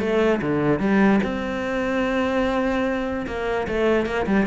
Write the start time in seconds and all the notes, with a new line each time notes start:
0.00 A3
0.41 D3
0.79 G3
1.23 C4
3.27 A#3
3.67 A3
4.06 A#3
4.26 G3